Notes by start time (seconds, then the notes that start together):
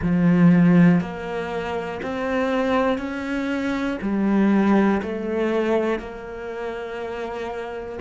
0.01 F3
1.00 A#3
2.02 C4
2.98 C#4
4.01 G3
5.02 A3
5.99 A#3